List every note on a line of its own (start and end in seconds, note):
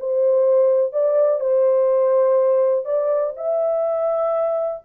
0.00 0.93 C5
0.93 1.40 D5
1.40 2.85 C5
2.85 3.33 D5
3.37 4.82 E5